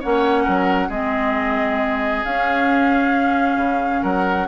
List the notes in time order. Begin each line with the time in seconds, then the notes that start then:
0.00 A#3 C#4 C#5 F#5
0.44 F#3 A#4
0.89 G#3 C4 G#4 D#5
2.25 C#4 F5
3.57 C#3
4.02 F#3 A#4 F#5